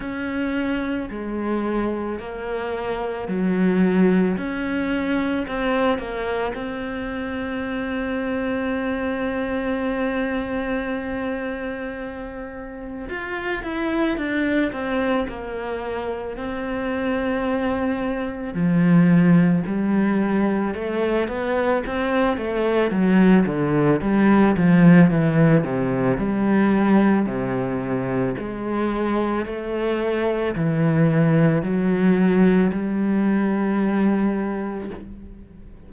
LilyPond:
\new Staff \with { instrumentName = "cello" } { \time 4/4 \tempo 4 = 55 cis'4 gis4 ais4 fis4 | cis'4 c'8 ais8 c'2~ | c'1 | f'8 e'8 d'8 c'8 ais4 c'4~ |
c'4 f4 g4 a8 b8 | c'8 a8 fis8 d8 g8 f8 e8 c8 | g4 c4 gis4 a4 | e4 fis4 g2 | }